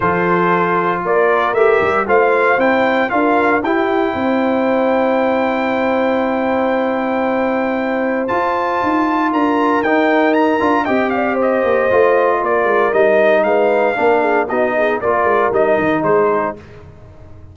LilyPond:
<<
  \new Staff \with { instrumentName = "trumpet" } { \time 4/4 \tempo 4 = 116 c''2 d''4 e''4 | f''4 g''4 f''4 g''4~ | g''1~ | g''1 |
a''2 ais''4 g''4 | ais''4 g''8 f''8 dis''2 | d''4 dis''4 f''2 | dis''4 d''4 dis''4 c''4 | }
  \new Staff \with { instrumentName = "horn" } { \time 4/4 a'2 ais'2 | c''2 ais'4 g'4 | c''1~ | c''1~ |
c''2 ais'2~ | ais'4 dis''8 d''8 c''2 | ais'2 b'4 ais'8 gis'8 | fis'8 gis'8 ais'2 gis'4 | }
  \new Staff \with { instrumentName = "trombone" } { \time 4/4 f'2. g'4 | f'4 e'4 f'4 e'4~ | e'1~ | e'1 |
f'2. dis'4~ | dis'8 f'8 g'2 f'4~ | f'4 dis'2 d'4 | dis'4 f'4 dis'2 | }
  \new Staff \with { instrumentName = "tuba" } { \time 4/4 f2 ais4 a8 g8 | a4 c'4 d'4 e'4 | c'1~ | c'1 |
f'4 dis'4 d'4 dis'4~ | dis'8 d'8 c'4. ais8 a4 | ais8 gis8 g4 gis4 ais4 | b4 ais8 gis8 g8 dis8 gis4 | }
>>